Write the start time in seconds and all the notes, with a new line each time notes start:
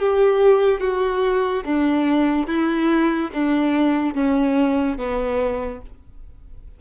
0.00 G4
0.81 F#4
1.65 D4
2.48 E4
3.34 D4
4.15 C#4
4.98 B3